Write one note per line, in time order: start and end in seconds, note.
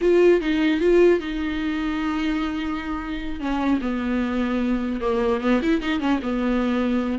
0.01 0.40 F4
0.40 0.80 D#4
0.80 1.20 F4
1.20 3.39 D#4
3.39 3.79 C#4
3.81 5.00 B3
5.00 5.40 A#3
5.40 5.60 B3
5.62 5.81 E4
5.81 6.00 D#4
6.00 6.20 C#4
6.22 7.18 B3